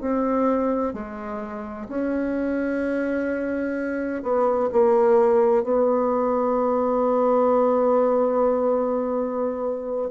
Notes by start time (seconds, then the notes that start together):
0.00 C4
0.93 G#3
1.88 C#4
4.22 B3
4.72 A#3
5.63 B3